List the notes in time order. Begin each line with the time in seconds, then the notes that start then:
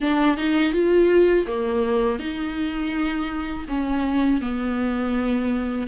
0.00 D4
0.37 D#4
0.73 F4
1.46 A#3
2.19 D#4
3.68 C#4
4.41 B3